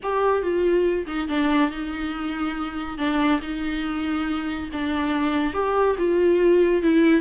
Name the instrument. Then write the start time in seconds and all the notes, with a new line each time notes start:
viola
0.02 G4
0.42 F4
1.07 D#4
1.28 D4
1.70 D#4
2.98 D4
3.41 D#4
4.72 D4
5.53 G4
5.98 F4
6.82 E4